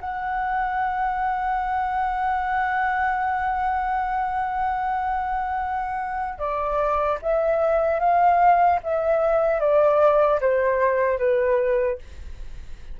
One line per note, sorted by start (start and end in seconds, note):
0.00 6.38 F#5
6.38 7.18 D5
7.21 7.99 E5
7.99 8.79 F5
8.83 9.60 E5
9.60 10.40 D5
10.40 11.18 C5
11.18 11.98 B4